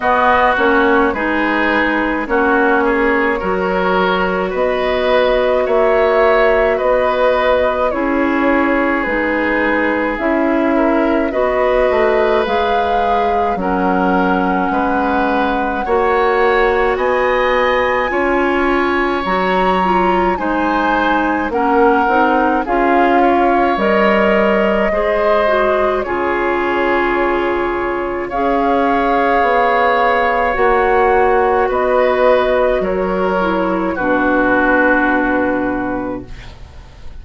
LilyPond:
<<
  \new Staff \with { instrumentName = "flute" } { \time 4/4 \tempo 4 = 53 dis''8 cis''8 b'4 cis''2 | dis''4 e''4 dis''4 cis''4 | b'4 e''4 dis''4 f''4 | fis''2. gis''4~ |
gis''4 ais''4 gis''4 fis''4 | f''4 dis''2 cis''4~ | cis''4 f''2 fis''4 | dis''4 cis''4 b'2 | }
  \new Staff \with { instrumentName = "oboe" } { \time 4/4 fis'4 gis'4 fis'8 gis'8 ais'4 | b'4 cis''4 b'4 gis'4~ | gis'4. ais'8 b'2 | ais'4 b'4 cis''4 dis''4 |
cis''2 c''4 ais'4 | gis'8 cis''4. c''4 gis'4~ | gis'4 cis''2. | b'4 ais'4 fis'2 | }
  \new Staff \with { instrumentName = "clarinet" } { \time 4/4 b8 cis'8 dis'4 cis'4 fis'4~ | fis'2. e'4 | dis'4 e'4 fis'4 gis'4 | cis'2 fis'2 |
f'4 fis'8 f'8 dis'4 cis'8 dis'8 | f'4 ais'4 gis'8 fis'8 f'4~ | f'4 gis'2 fis'4~ | fis'4. e'8 d'2 | }
  \new Staff \with { instrumentName = "bassoon" } { \time 4/4 b8 ais8 gis4 ais4 fis4 | b4 ais4 b4 cis'4 | gis4 cis'4 b8 a8 gis4 | fis4 gis4 ais4 b4 |
cis'4 fis4 gis4 ais8 c'8 | cis'4 g4 gis4 cis4~ | cis4 cis'4 b4 ais4 | b4 fis4 b,2 | }
>>